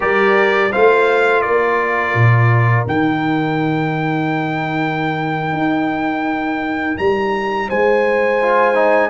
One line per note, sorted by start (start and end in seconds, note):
0.00 0.72 G3
0.00 0.70 G4
0.00 0.71 A#4
0.00 0.72 D5
0.71 1.45 A3
0.71 2.86 F4
0.71 1.42 C5
0.71 1.41 F5
1.41 2.14 A#3
1.41 7.67 A#4
1.41 2.84 D5
2.14 2.86 A#2
2.86 5.52 D#3
2.86 8.40 D#4
2.86 6.97 G5
5.52 6.95 D#4
6.97 7.70 G3
6.97 7.69 A#5
7.68 9.10 G#3
7.68 9.10 C5
7.68 9.10 G#5
8.41 8.74 F4
8.74 9.10 D#4